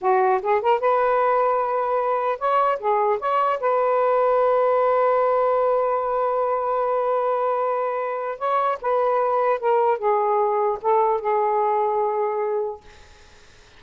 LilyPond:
\new Staff \with { instrumentName = "saxophone" } { \time 4/4 \tempo 4 = 150 fis'4 gis'8 ais'8 b'2~ | b'2 cis''4 gis'4 | cis''4 b'2.~ | b'1~ |
b'1~ | b'4 cis''4 b'2 | ais'4 gis'2 a'4 | gis'1 | }